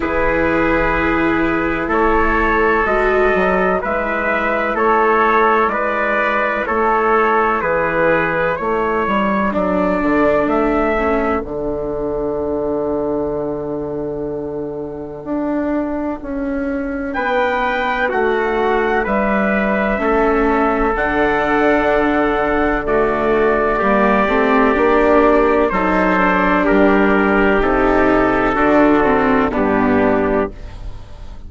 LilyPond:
<<
  \new Staff \with { instrumentName = "trumpet" } { \time 4/4 \tempo 4 = 63 b'2 cis''4 dis''4 | e''4 cis''4 d''4 cis''4 | b'4 cis''4 d''4 e''4 | fis''1~ |
fis''2 g''4 fis''4 | e''2 fis''2 | d''2. c''4 | ais'4 a'2 g'4 | }
  \new Staff \with { instrumentName = "trumpet" } { \time 4/4 gis'2 a'2 | b'4 a'4 b'4 a'4 | gis'4 a'2.~ | a'1~ |
a'2 b'4 fis'4 | b'4 a'2. | fis'4 g'2 a'4 | g'2 fis'4 d'4 | }
  \new Staff \with { instrumentName = "viola" } { \time 4/4 e'2. fis'4 | e'1~ | e'2 d'4. cis'8 | d'1~ |
d'1~ | d'4 cis'4 d'2 | a4 ais8 c'8 d'4 dis'8 d'8~ | d'4 dis'4 d'8 c'8 b4 | }
  \new Staff \with { instrumentName = "bassoon" } { \time 4/4 e2 a4 gis8 fis8 | gis4 a4 gis4 a4 | e4 a8 g8 fis8 d8 a4 | d1 |
d'4 cis'4 b4 a4 | g4 a4 d2~ | d4 g8 a8 ais4 fis4 | g4 c4 d4 g,4 | }
>>